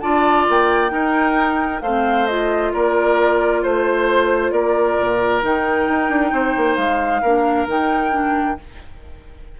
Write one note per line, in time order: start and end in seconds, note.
0.00 0.47 D4
0.00 0.90 F4
0.00 0.91 D5
0.00 0.45 A5
0.49 0.91 A#3
0.49 1.81 G5
0.90 1.80 D#4
0.90 1.81 D#4
0.90 1.82 A#4
1.81 2.72 A3
1.81 2.28 C4
1.81 2.73 C5
1.81 2.26 F5
2.27 5.42 F4
2.27 2.72 D#5
2.73 3.64 A#3
2.73 3.62 A#4
2.73 3.63 D5
3.62 4.51 A3
3.62 4.52 C5
3.62 4.51 C5
4.51 4.96 A#3
4.51 6.32 A#4
4.51 5.41 D5
5.00 5.44 A#2
5.42 5.88 D#3
5.42 7.22 D#4
5.42 6.76 G5
5.88 6.09 D#4
6.09 6.32 D4
6.32 6.54 C4
6.32 7.22 C5
6.56 6.77 A#3
6.76 7.22 G#3
6.76 7.66 F5
7.22 7.67 A#3
7.22 7.67 D4
7.22 8.57 A#4
7.67 8.57 D#3
7.67 8.11 D#4
7.67 8.60 G5
8.11 8.56 D4